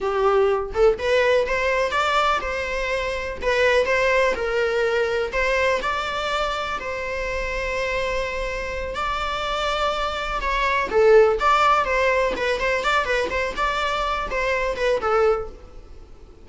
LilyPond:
\new Staff \with { instrumentName = "viola" } { \time 4/4 \tempo 4 = 124 g'4. a'8 b'4 c''4 | d''4 c''2 b'4 | c''4 ais'2 c''4 | d''2 c''2~ |
c''2~ c''8 d''4.~ | d''4. cis''4 a'4 d''8~ | d''8 c''4 b'8 c''8 d''8 b'8 c''8 | d''4. c''4 b'8 a'4 | }